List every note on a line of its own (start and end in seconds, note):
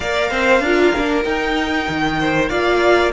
0.00 0.30 A#3
0.00 0.64 A#4
0.00 0.29 D5
0.00 1.23 F5
0.30 0.60 C4
0.30 0.62 C5
0.60 0.91 D4
0.60 0.95 F4
0.60 2.18 A#4
0.96 1.25 A#3
0.96 1.23 D4
1.23 2.48 D#4
1.23 1.87 D#4
1.23 2.49 G5
1.88 2.51 D#3
2.20 2.49 C5
2.49 3.12 A#3
2.49 3.12 F4
2.49 3.12 D5
2.49 3.11 F5